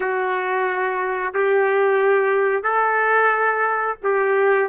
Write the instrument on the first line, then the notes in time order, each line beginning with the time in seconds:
trumpet
0.00 F#4
1.34 G4
2.63 A4
4.03 G4